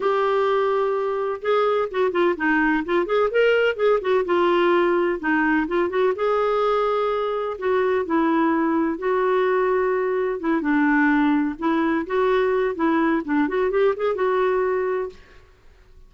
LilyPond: \new Staff \with { instrumentName = "clarinet" } { \time 4/4 \tempo 4 = 127 g'2. gis'4 | fis'8 f'8 dis'4 f'8 gis'8 ais'4 | gis'8 fis'8 f'2 dis'4 | f'8 fis'8 gis'2. |
fis'4 e'2 fis'4~ | fis'2 e'8 d'4.~ | d'8 e'4 fis'4. e'4 | d'8 fis'8 g'8 gis'8 fis'2 | }